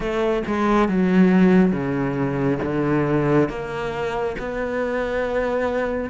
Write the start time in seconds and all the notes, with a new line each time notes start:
0.00 A3
0.47 G#3
0.88 F#3
1.72 C#3
2.62 D3
3.49 A#3
4.38 B3